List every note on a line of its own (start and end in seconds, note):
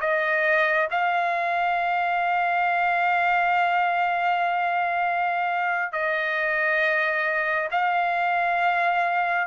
0.00 0.88 D#5
0.90 5.92 F5
5.92 7.68 D#5
7.71 9.47 F5